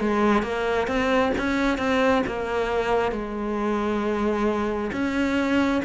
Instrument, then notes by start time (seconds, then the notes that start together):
cello
0.00 G#3
0.43 A#3
0.88 C4
1.38 C#4
1.78 C4
2.26 A#3
3.12 G#3
4.93 C#4